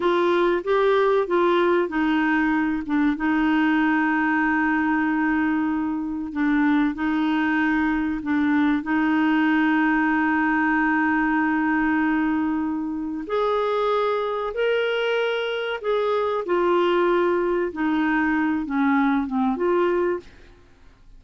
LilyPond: \new Staff \with { instrumentName = "clarinet" } { \time 4/4 \tempo 4 = 95 f'4 g'4 f'4 dis'4~ | dis'8 d'8 dis'2.~ | dis'2 d'4 dis'4~ | dis'4 d'4 dis'2~ |
dis'1~ | dis'4 gis'2 ais'4~ | ais'4 gis'4 f'2 | dis'4. cis'4 c'8 f'4 | }